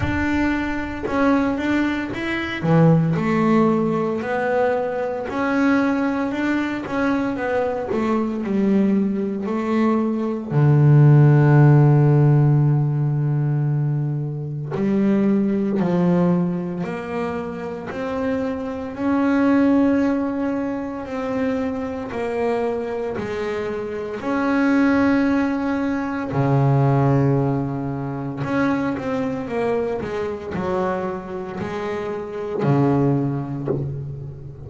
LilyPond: \new Staff \with { instrumentName = "double bass" } { \time 4/4 \tempo 4 = 57 d'4 cis'8 d'8 e'8 e8 a4 | b4 cis'4 d'8 cis'8 b8 a8 | g4 a4 d2~ | d2 g4 f4 |
ais4 c'4 cis'2 | c'4 ais4 gis4 cis'4~ | cis'4 cis2 cis'8 c'8 | ais8 gis8 fis4 gis4 cis4 | }